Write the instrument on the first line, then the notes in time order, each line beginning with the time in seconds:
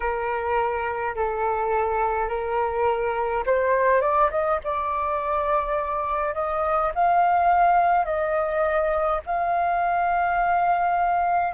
flute
0.00 A#4
1.15 A4
2.28 A#4
3.46 C5
4.01 D5
4.31 D#5
4.64 D5
6.34 D#5
6.94 F5
8.05 D#5
9.26 F5